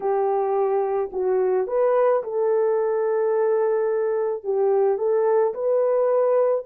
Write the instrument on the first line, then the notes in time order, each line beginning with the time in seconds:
horn
0.00 G4
1.12 F#4
1.67 B4
2.23 A4
4.43 G4
4.97 A4
5.54 B4